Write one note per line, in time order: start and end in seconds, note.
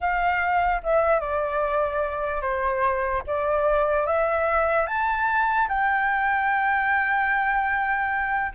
0.01 0.82 F5
0.83 1.19 E5
1.19 2.41 D5
2.41 3.22 C5
3.27 4.06 D5
4.06 4.86 E5
4.86 5.67 A5
5.68 8.52 G5